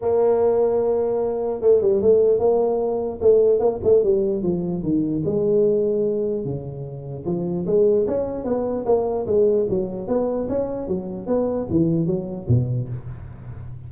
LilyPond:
\new Staff \with { instrumentName = "tuba" } { \time 4/4 \tempo 4 = 149 ais1 | a8 g8 a4 ais2 | a4 ais8 a8 g4 f4 | dis4 gis2. |
cis2 f4 gis4 | cis'4 b4 ais4 gis4 | fis4 b4 cis'4 fis4 | b4 e4 fis4 b,4 | }